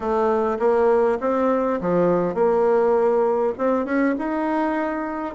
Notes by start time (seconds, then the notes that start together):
0.00 A3
0.59 A#3
1.20 C4
1.80 F3
2.34 A#3
3.58 C4
3.85 C#4
4.18 D#4